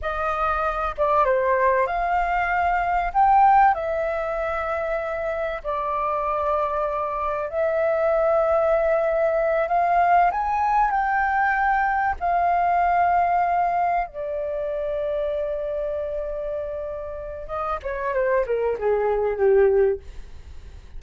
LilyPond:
\new Staff \with { instrumentName = "flute" } { \time 4/4 \tempo 4 = 96 dis''4. d''8 c''4 f''4~ | f''4 g''4 e''2~ | e''4 d''2. | e''2.~ e''8 f''8~ |
f''8 gis''4 g''2 f''8~ | f''2~ f''8 d''4.~ | d''1 | dis''8 cis''8 c''8 ais'8 gis'4 g'4 | }